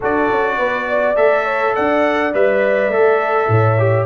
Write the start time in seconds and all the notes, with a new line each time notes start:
0.00 D4 F#4 A4 D5
0.30 C#4
0.57 B3 B4
0.88 D5
1.16 A3 A4 E5
1.44 C#5
1.75 D4 D5 F#5
2.33 G3 B4 E5
2.88 A3 A4
3.48 A2 C#5
3.78 G4